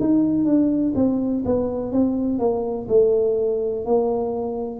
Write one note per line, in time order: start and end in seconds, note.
0.00 0.45 D#4
0.45 0.93 D4
0.95 1.43 C4
1.45 1.92 B3
1.92 2.39 C4
2.39 2.87 A#3
2.88 3.85 A3
3.85 4.80 A#3